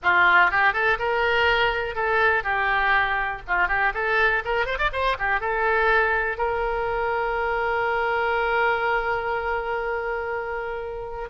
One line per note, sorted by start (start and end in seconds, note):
0.02 0.51 F4
0.51 0.73 G4
0.73 0.97 A4
0.98 1.95 A#4
1.95 2.43 A4
2.43 3.42 G4
3.47 3.68 F4
3.68 3.92 G4
3.93 4.43 A4
4.44 4.65 A#4
4.65 4.78 C5
4.78 4.90 D5
4.92 5.17 C5
5.18 5.40 G4
5.40 6.37 A4
6.37 11.29 A#4